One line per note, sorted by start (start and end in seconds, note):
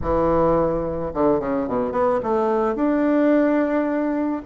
0.01 1.12 E3
1.13 1.39 D3
1.39 1.67 C#3
1.67 1.92 B2
1.92 2.19 B3
2.22 2.75 A3
2.75 4.42 D4